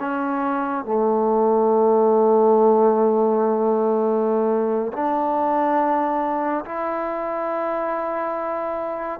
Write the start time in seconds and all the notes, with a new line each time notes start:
0.00 C#4
0.85 A3
4.93 D4
6.65 E4